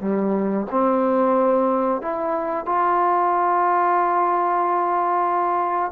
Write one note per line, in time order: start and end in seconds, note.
0.00 0.66 G3
0.70 2.01 C4
2.01 2.65 E4
2.65 5.91 F4